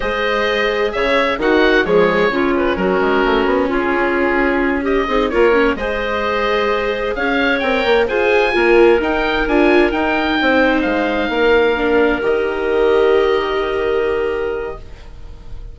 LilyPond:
<<
  \new Staff \with { instrumentName = "oboe" } { \time 4/4 \tempo 4 = 130 dis''2 e''4 fis''4 | cis''4. b'8 ais'2 | gis'2~ gis'8 dis''4 cis''8~ | cis''8 dis''2. f''8~ |
f''8 g''4 gis''2 g''8~ | g''8 gis''4 g''2 f''8~ | f''2~ f''8 dis''4.~ | dis''1 | }
  \new Staff \with { instrumentName = "clarinet" } { \time 4/4 c''2 cis''4 fis'4 | gis'4 f'4 fis'2 | f'2~ f'8 g'8 gis'8 ais'8~ | ais'8 c''2. cis''8~ |
cis''4. c''4 ais'4.~ | ais'2~ ais'8 c''4.~ | c''8 ais'2.~ ais'8~ | ais'1 | }
  \new Staff \with { instrumentName = "viola" } { \time 4/4 gis'2. dis'4 | gis4 cis'2.~ | cis'2. dis'8 f'8 | cis'8 gis'2.~ gis'8~ |
gis'8 ais'4 gis'4 f'4 dis'8~ | dis'8 f'4 dis'2~ dis'8~ | dis'4. d'4 g'4.~ | g'1 | }
  \new Staff \with { instrumentName = "bassoon" } { \time 4/4 gis2 cis4 dis4 | f4 cis4 fis8 gis8 a8 b8 | cis'2. c'8 ais8~ | ais8 gis2. cis'8~ |
cis'8 c'8 ais8 f'4 ais4 dis'8~ | dis'8 d'4 dis'4 c'4 gis8~ | gis8 ais2 dis4.~ | dis1 | }
>>